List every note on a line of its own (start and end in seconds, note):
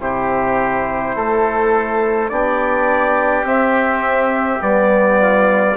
0.00 1.16 C3
0.00 2.30 E4
0.00 1.16 G4
0.00 2.29 C5
1.16 2.31 A3
1.16 2.31 A4
2.29 3.44 B3
2.29 3.44 D4
2.29 5.20 G4
2.29 3.45 D5
3.44 4.59 C4
3.44 4.62 E5
4.60 5.77 G3
4.60 5.75 B3
4.60 5.77 D5
5.20 5.77 F4